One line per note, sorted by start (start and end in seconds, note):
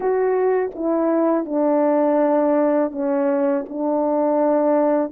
0.00 0.70 F#4
0.75 1.45 E4
1.45 2.91 D4
2.91 3.64 C#4
3.69 5.11 D4